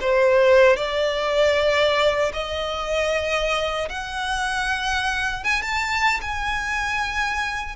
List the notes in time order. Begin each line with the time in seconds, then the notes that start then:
0.00 C5
0.76 D5
2.33 D#5
3.89 F#5
5.44 G#5
5.62 A5
6.21 G#5